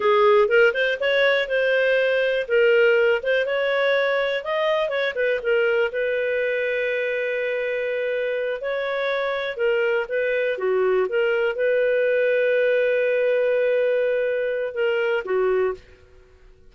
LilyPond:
\new Staff \with { instrumentName = "clarinet" } { \time 4/4 \tempo 4 = 122 gis'4 ais'8 c''8 cis''4 c''4~ | c''4 ais'4. c''8 cis''4~ | cis''4 dis''4 cis''8 b'8 ais'4 | b'1~ |
b'4. cis''2 ais'8~ | ais'8 b'4 fis'4 ais'4 b'8~ | b'1~ | b'2 ais'4 fis'4 | }